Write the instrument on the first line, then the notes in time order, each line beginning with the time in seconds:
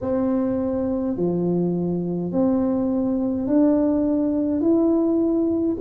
tuba
0.01 C4
1.16 F3
2.31 C4
3.47 D4
4.60 E4